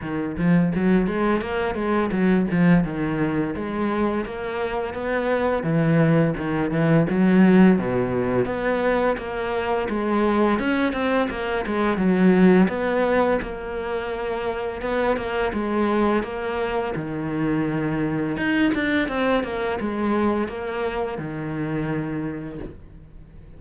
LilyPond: \new Staff \with { instrumentName = "cello" } { \time 4/4 \tempo 4 = 85 dis8 f8 fis8 gis8 ais8 gis8 fis8 f8 | dis4 gis4 ais4 b4 | e4 dis8 e8 fis4 b,4 | b4 ais4 gis4 cis'8 c'8 |
ais8 gis8 fis4 b4 ais4~ | ais4 b8 ais8 gis4 ais4 | dis2 dis'8 d'8 c'8 ais8 | gis4 ais4 dis2 | }